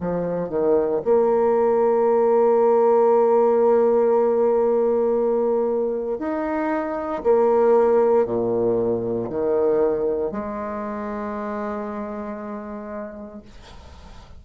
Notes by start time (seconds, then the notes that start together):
0.00 F3
0.48 D#3
1.04 A#3
6.18 D#4
7.23 A#3
8.25 A#2
9.29 D#3
10.31 G#3